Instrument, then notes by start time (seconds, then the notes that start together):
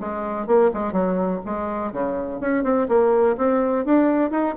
bassoon
0.00 G#3
0.46 A#3
0.74 G#3
0.93 F#3
1.45 G#3
1.92 C#3
2.40 C#4
2.63 C4
2.88 A#3
3.37 C4
3.85 D4
4.31 D#4